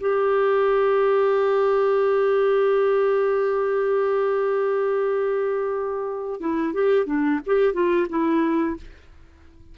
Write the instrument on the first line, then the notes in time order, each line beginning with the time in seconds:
clarinet
0.00 G4
6.40 E4
6.73 G4
7.06 D4
7.46 G4
7.73 F4
8.09 E4